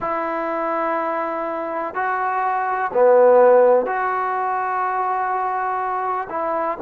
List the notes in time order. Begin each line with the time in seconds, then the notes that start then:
0.00 E4
1.94 F#4
2.93 B3
3.85 F#4
6.29 E4